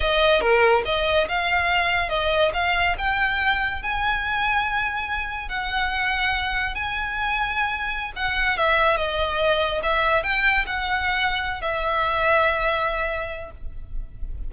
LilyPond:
\new Staff \with { instrumentName = "violin" } { \time 4/4 \tempo 4 = 142 dis''4 ais'4 dis''4 f''4~ | f''4 dis''4 f''4 g''4~ | g''4 gis''2.~ | gis''4 fis''2. |
gis''2.~ gis''16 fis''8.~ | fis''16 e''4 dis''2 e''8.~ | e''16 g''4 fis''2~ fis''16 e''8~ | e''1 | }